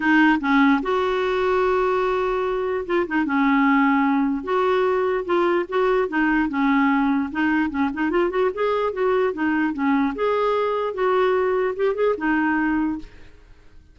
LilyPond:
\new Staff \with { instrumentName = "clarinet" } { \time 4/4 \tempo 4 = 148 dis'4 cis'4 fis'2~ | fis'2. f'8 dis'8 | cis'2. fis'4~ | fis'4 f'4 fis'4 dis'4 |
cis'2 dis'4 cis'8 dis'8 | f'8 fis'8 gis'4 fis'4 dis'4 | cis'4 gis'2 fis'4~ | fis'4 g'8 gis'8 dis'2 | }